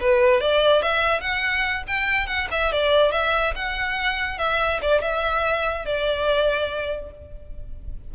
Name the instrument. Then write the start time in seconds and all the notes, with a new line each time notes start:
violin
0.00 B4
0.40 D5
0.82 E5
1.20 F#5
1.87 G5
2.26 F#5
2.51 E5
2.72 D5
3.11 E5
3.55 F#5
4.38 E5
4.82 D5
5.01 E5
5.85 D5